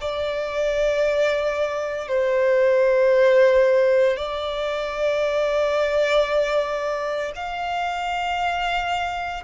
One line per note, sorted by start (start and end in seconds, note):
0.00 2.08 D5
2.08 4.16 C5
4.16 7.32 D5
7.35 9.43 F5